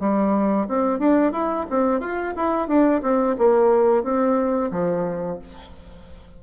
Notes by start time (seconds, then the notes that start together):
0.00 G3
0.69 C4
0.99 D4
1.33 E4
1.70 C4
2.00 F4
2.37 E4
2.68 D4
3.02 C4
3.38 A#3
4.04 C4
4.71 F3